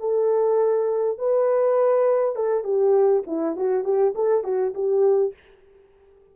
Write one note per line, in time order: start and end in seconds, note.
0.00 1.18 A4
1.18 2.36 B4
2.36 2.64 A4
2.64 3.23 G4
3.27 3.56 E4
3.56 3.85 F#4
3.85 4.14 G4
4.15 4.44 A4
4.44 4.74 F#4
4.74 5.34 G4